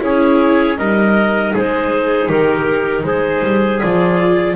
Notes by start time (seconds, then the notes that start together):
0.00 C#4 E4 G#4 C#5
0.78 G3 D#4 A#4 D#5
1.53 G#3 G#4 C5
2.27 D#3 G4 A#4
3.03 G#3 G#4 C5
3.43 G3
3.79 F3 F4 D5